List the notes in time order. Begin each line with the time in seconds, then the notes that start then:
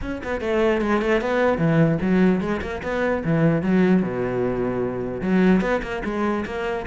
0.01 C#4
0.23 B3
0.40 A3
0.81 G#3
1.01 A3
1.21 B3
1.57 E3
2.01 F#3
2.41 G#3
2.61 A#3
2.83 B3
3.24 E3
3.62 F#3
4.02 B2
5.21 F#3
5.61 B3
5.82 A#3
6.04 G#3
6.45 A#3